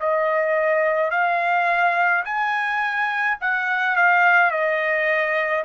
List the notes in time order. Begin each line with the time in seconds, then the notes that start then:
0.00 D#5
1.11 F5
2.25 G#5
3.41 F#5
3.96 F5
4.51 D#5